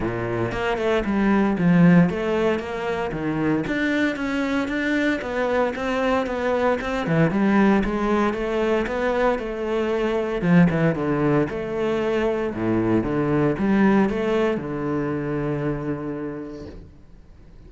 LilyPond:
\new Staff \with { instrumentName = "cello" } { \time 4/4 \tempo 4 = 115 ais,4 ais8 a8 g4 f4 | a4 ais4 dis4 d'4 | cis'4 d'4 b4 c'4 | b4 c'8 e8 g4 gis4 |
a4 b4 a2 | f8 e8 d4 a2 | a,4 d4 g4 a4 | d1 | }